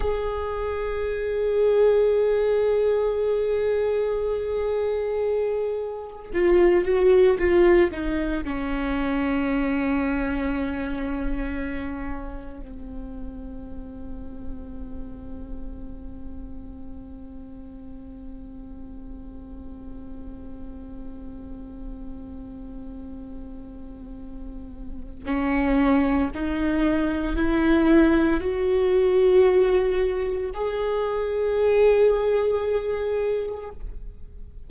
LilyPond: \new Staff \with { instrumentName = "viola" } { \time 4/4 \tempo 4 = 57 gis'1~ | gis'2 f'8 fis'8 f'8 dis'8 | cis'1 | c'1~ |
c'1~ | c'1 | cis'4 dis'4 e'4 fis'4~ | fis'4 gis'2. | }